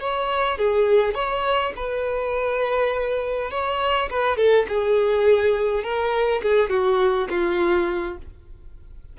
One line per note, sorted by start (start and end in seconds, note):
0.00 0.58 C#5
0.58 1.15 G#4
1.15 1.73 C#5
1.76 3.51 B4
3.51 4.09 C#5
4.10 4.37 B4
4.37 4.66 A4
4.69 5.84 G#4
5.84 6.42 A#4
6.43 6.70 G#4
6.70 7.28 F#4
7.30 8.17 F4